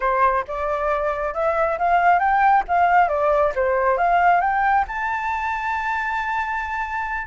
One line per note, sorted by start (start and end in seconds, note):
0.00 0.44 C5
0.47 1.34 D5
1.34 1.78 E5
1.78 2.19 F5
2.19 2.63 G5
2.68 3.08 F5
3.08 3.52 D5
3.55 3.97 C5
3.97 4.40 F5
4.40 4.84 G5
4.87 7.27 A5